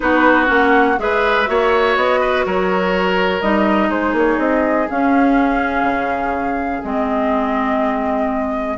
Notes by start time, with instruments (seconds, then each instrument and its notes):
0.00 bassoon B3, clarinet D#4, oboe F#4, flute B4
0.46 bassoon A#3, clarinet C#4, flute F#5
0.98 bassoon G#3, clarinet G#4, oboe B4, flute E5
1.46 bassoon A#3, clarinet F#4, oboe C#5
1.96 bassoon B3, flute D#5
2.20 oboe B4
2.45 bassoon F#3, oboe A#4, flute C#5
3.41 bassoon G3, clarinet D#4, flute D#5
3.88 bassoon G#3, oboe G#4, flute C5
4.12 bassoon A#3, flute C#5
4.38 bassoon C4, flute D#5
4.89 clarinet C#4, bassoon C#4, flute F5
5.83 bassoon C#3
6.83 bassoon G#3, clarinet C4, flute D#5